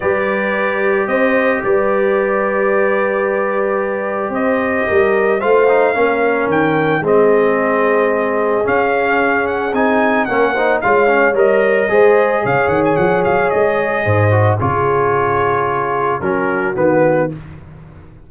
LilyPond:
<<
  \new Staff \with { instrumentName = "trumpet" } { \time 4/4 \tempo 4 = 111 d''2 dis''4 d''4~ | d''1 | dis''2 f''2 | g''4 dis''2. |
f''4. fis''8 gis''4 fis''4 | f''4 dis''2 f''8 fis''16 gis''16 | fis''8 f''8 dis''2 cis''4~ | cis''2 ais'4 b'4 | }
  \new Staff \with { instrumentName = "horn" } { \time 4/4 b'2 c''4 b'4~ | b'1 | c''4 ais'4 c''4 ais'4~ | ais'4 gis'2.~ |
gis'2. ais'8 c''8 | cis''2 c''4 cis''4~ | cis''2 c''4 gis'4~ | gis'2 fis'2 | }
  \new Staff \with { instrumentName = "trombone" } { \time 4/4 g'1~ | g'1~ | g'2 f'8 dis'8 cis'4~ | cis'4 c'2. |
cis'2 dis'4 cis'8 dis'8 | f'8 cis'8 ais'4 gis'2~ | gis'2~ gis'8 fis'8 f'4~ | f'2 cis'4 b4 | }
  \new Staff \with { instrumentName = "tuba" } { \time 4/4 g2 c'4 g4~ | g1 | c'4 g4 a4 ais4 | dis4 gis2. |
cis'2 c'4 ais4 | gis4 g4 gis4 cis8 dis8 | f8 fis8 gis4 gis,4 cis4~ | cis2 fis4 dis4 | }
>>